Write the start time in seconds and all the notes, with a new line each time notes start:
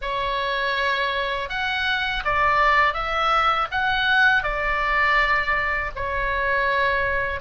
0.01 C#5
1.49 F#5
2.24 D5
2.93 E5
3.71 F#5
4.43 D5
5.95 C#5